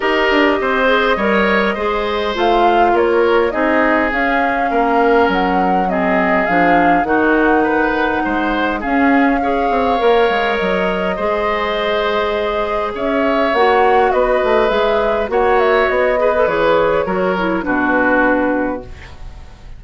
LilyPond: <<
  \new Staff \with { instrumentName = "flute" } { \time 4/4 \tempo 4 = 102 dis''1 | f''4 cis''4 dis''4 f''4~ | f''4 fis''4 dis''4 f''4 | fis''2. f''4~ |
f''2 dis''2~ | dis''2 e''4 fis''4 | dis''4 e''4 fis''8 e''8 dis''4 | cis''2 b'2 | }
  \new Staff \with { instrumentName = "oboe" } { \time 4/4 ais'4 c''4 cis''4 c''4~ | c''4 ais'4 gis'2 | ais'2 gis'2 | fis'4 b'4 c''4 gis'4 |
cis''2. c''4~ | c''2 cis''2 | b'2 cis''4. b'8~ | b'4 ais'4 fis'2 | }
  \new Staff \with { instrumentName = "clarinet" } { \time 4/4 g'4. gis'8 ais'4 gis'4 | f'2 dis'4 cis'4~ | cis'2 c'4 d'4 | dis'2. cis'4 |
gis'4 ais'2 gis'4~ | gis'2. fis'4~ | fis'4 gis'4 fis'4. gis'16 a'16 | gis'4 fis'8 e'8 d'2 | }
  \new Staff \with { instrumentName = "bassoon" } { \time 4/4 dis'8 d'8 c'4 g4 gis4 | a4 ais4 c'4 cis'4 | ais4 fis2 f4 | dis2 gis4 cis'4~ |
cis'8 c'8 ais8 gis8 fis4 gis4~ | gis2 cis'4 ais4 | b8 a8 gis4 ais4 b4 | e4 fis4 b,2 | }
>>